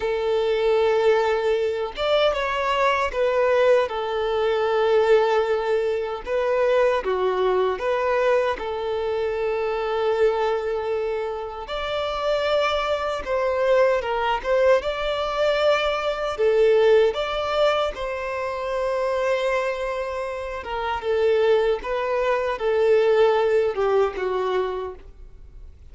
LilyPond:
\new Staff \with { instrumentName = "violin" } { \time 4/4 \tempo 4 = 77 a'2~ a'8 d''8 cis''4 | b'4 a'2. | b'4 fis'4 b'4 a'4~ | a'2. d''4~ |
d''4 c''4 ais'8 c''8 d''4~ | d''4 a'4 d''4 c''4~ | c''2~ c''8 ais'8 a'4 | b'4 a'4. g'8 fis'4 | }